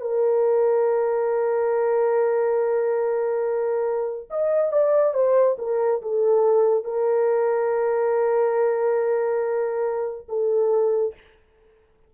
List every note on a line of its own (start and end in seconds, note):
0.00 4.29 A#4
4.30 4.72 D#5
4.72 5.14 D5
5.14 5.56 C5
5.58 6.01 A#4
6.02 6.84 A4
6.84 10.27 A#4
10.28 11.14 A4